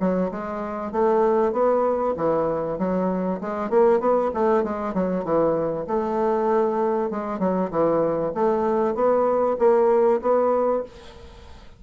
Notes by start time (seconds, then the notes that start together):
0.00 F#3
0.31 G#3
0.92 A3
1.53 B3
2.17 E3
2.79 F#3
3.41 G#3
3.70 A#3
4.00 B3
4.34 A3
4.64 G#3
4.94 F#3
5.25 E3
5.87 A3
7.10 G#3
7.39 F#3
7.71 E3
8.34 A3
8.95 B3
9.59 A#3
10.22 B3